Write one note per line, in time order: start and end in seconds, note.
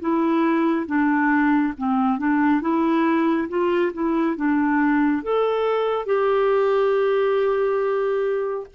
0.00 0.86 E4
0.86 1.73 D4
1.77 2.18 C4
2.18 2.61 D4
2.61 3.48 E4
3.49 3.92 F4
3.93 4.36 E4
4.36 5.22 D4
5.22 6.06 A4
6.06 8.66 G4